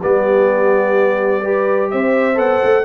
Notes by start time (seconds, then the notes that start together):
0.00 G3 B3 G4 D5
1.43 G4 B4
1.91 C4 C5 E5
2.35 B3 A4 F#5
2.64 A3